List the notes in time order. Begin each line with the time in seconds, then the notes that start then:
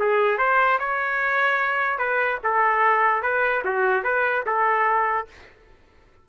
0.00 G#4
0.38 C5
0.80 C#5
1.99 B4
2.44 A4
3.22 B4
3.65 F#4
4.04 B4
4.46 A4